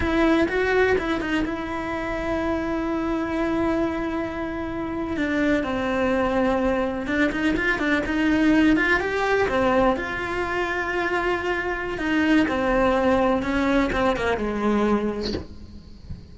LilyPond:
\new Staff \with { instrumentName = "cello" } { \time 4/4 \tempo 4 = 125 e'4 fis'4 e'8 dis'8 e'4~ | e'1~ | e'2~ e'8. d'4 c'16~ | c'2~ c'8. d'8 dis'8 f'16~ |
f'16 d'8 dis'4. f'8 g'4 c'16~ | c'8. f'2.~ f'16~ | f'4 dis'4 c'2 | cis'4 c'8 ais8 gis2 | }